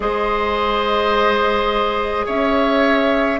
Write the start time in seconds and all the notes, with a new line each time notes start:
0.00 G#3 G#4 C5 D#5
2.26 C#4 C#5 E5